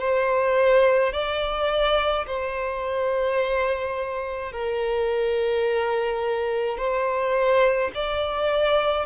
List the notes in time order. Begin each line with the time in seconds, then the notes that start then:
0.00 C5
1.13 D5
2.27 C5
4.52 A#4
6.78 C5
7.95 D5